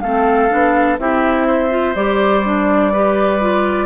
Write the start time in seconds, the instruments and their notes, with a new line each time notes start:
0.00 bassoon A3, clarinet C4, oboe A4, flute F5
0.49 bassoon B3, clarinet D4
0.98 bassoon C4, clarinet E4, oboe G4, flute E5
1.47 oboe C5
1.69 clarinet F4
1.95 bassoon G3, clarinet G4, flute D5
2.44 clarinet D4
2.92 clarinet G4, oboe B4
3.40 clarinet F4